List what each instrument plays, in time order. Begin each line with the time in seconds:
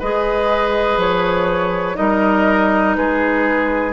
0.00 bassoon G#3, clarinet G#4, oboe B4, flute D#5
0.98 bassoon F3, flute C#5
1.95 bassoon G3, clarinet D#4, oboe A#4, flute D#5
2.95 bassoon G#3, oboe G#4, flute B4